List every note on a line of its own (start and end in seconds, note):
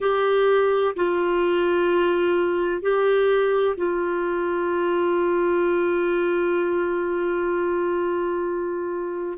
0.00 0.94 G4
0.95 2.82 F4
2.82 3.75 G4
3.77 9.38 F4